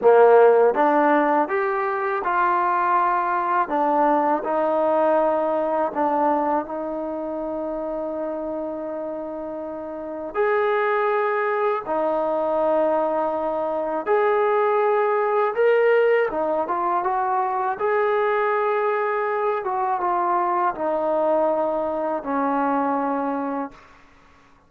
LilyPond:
\new Staff \with { instrumentName = "trombone" } { \time 4/4 \tempo 4 = 81 ais4 d'4 g'4 f'4~ | f'4 d'4 dis'2 | d'4 dis'2.~ | dis'2 gis'2 |
dis'2. gis'4~ | gis'4 ais'4 dis'8 f'8 fis'4 | gis'2~ gis'8 fis'8 f'4 | dis'2 cis'2 | }